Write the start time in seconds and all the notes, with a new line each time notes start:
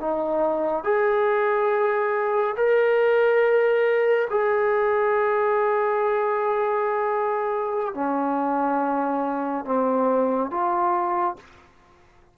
0.00 D#4
0.84 G#4
2.57 A#4
4.31 G#4
7.94 C#4
9.65 C4
10.51 F4